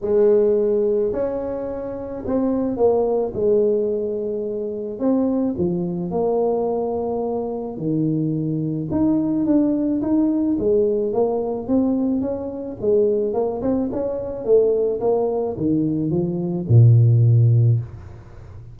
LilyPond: \new Staff \with { instrumentName = "tuba" } { \time 4/4 \tempo 4 = 108 gis2 cis'2 | c'4 ais4 gis2~ | gis4 c'4 f4 ais4~ | ais2 dis2 |
dis'4 d'4 dis'4 gis4 | ais4 c'4 cis'4 gis4 | ais8 c'8 cis'4 a4 ais4 | dis4 f4 ais,2 | }